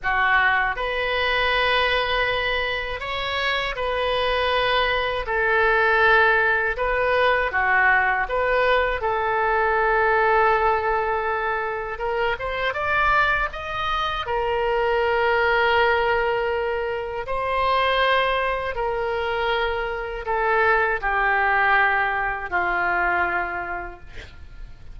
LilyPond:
\new Staff \with { instrumentName = "oboe" } { \time 4/4 \tempo 4 = 80 fis'4 b'2. | cis''4 b'2 a'4~ | a'4 b'4 fis'4 b'4 | a'1 |
ais'8 c''8 d''4 dis''4 ais'4~ | ais'2. c''4~ | c''4 ais'2 a'4 | g'2 f'2 | }